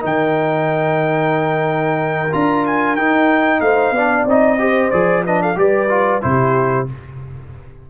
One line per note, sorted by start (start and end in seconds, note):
0.00 2.32 D#3
0.00 2.29 D#4
0.00 3.59 A#4
0.06 2.34 G5
2.32 2.98 D4
2.32 2.98 F4
2.32 2.66 A#5
2.67 2.96 G#5
2.96 3.61 D#4
2.96 3.96 D#4
2.96 3.61 G5
3.61 3.92 A3
3.61 3.95 C5
3.61 4.26 F5
3.92 4.25 B3
3.92 4.29 D4
3.92 4.61 D5
4.25 4.91 C4
4.25 4.59 D#4
4.25 4.91 D#5
4.59 4.92 G4
4.59 5.25 C5
4.91 5.57 F3
4.91 5.25 G#4
4.91 5.24 D5
5.25 5.56 D4
5.25 5.42 B4
5.25 5.43 D#5
5.42 5.59 A4
5.42 5.59 F5
5.56 6.22 G3
5.56 5.88 G4
5.56 6.25 B4
5.56 6.23 D5
5.89 6.22 F4
6.22 6.90 C3
6.22 6.87 E4
6.22 6.91 G4
6.22 6.88 C5